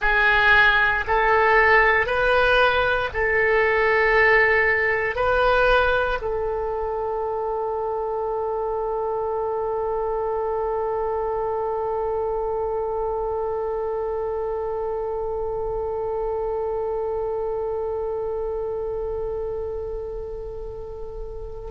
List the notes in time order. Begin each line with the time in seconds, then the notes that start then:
0.01 G#4
1.07 A4
2.06 B4
3.13 A4
5.15 B4
6.21 A4